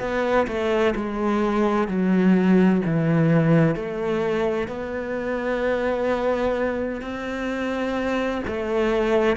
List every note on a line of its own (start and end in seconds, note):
0.00 0.47 B3
0.47 0.94 A3
0.95 1.88 G#3
1.88 2.82 F#3
2.86 3.75 E3
3.75 4.68 A3
4.68 7.01 B3
7.01 8.42 C4
8.47 9.37 A3